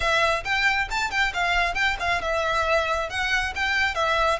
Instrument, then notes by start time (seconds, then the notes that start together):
violin
0.00 E5
0.44 G5
0.90 A5
1.10 G5
1.33 F5
1.74 G5
1.99 F5
2.21 E5
3.09 F#5
3.55 G5
3.95 E5